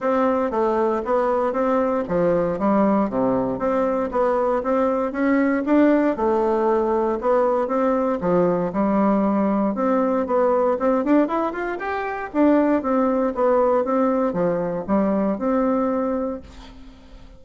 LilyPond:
\new Staff \with { instrumentName = "bassoon" } { \time 4/4 \tempo 4 = 117 c'4 a4 b4 c'4 | f4 g4 c4 c'4 | b4 c'4 cis'4 d'4 | a2 b4 c'4 |
f4 g2 c'4 | b4 c'8 d'8 e'8 f'8 g'4 | d'4 c'4 b4 c'4 | f4 g4 c'2 | }